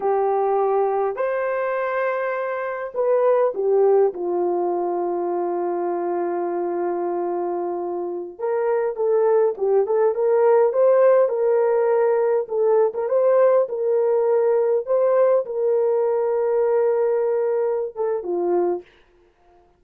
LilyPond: \new Staff \with { instrumentName = "horn" } { \time 4/4 \tempo 4 = 102 g'2 c''2~ | c''4 b'4 g'4 f'4~ | f'1~ | f'2~ f'16 ais'4 a'8.~ |
a'16 g'8 a'8 ais'4 c''4 ais'8.~ | ais'4~ ais'16 a'8. ais'16 c''4 ais'8.~ | ais'4~ ais'16 c''4 ais'4.~ ais'16~ | ais'2~ ais'8 a'8 f'4 | }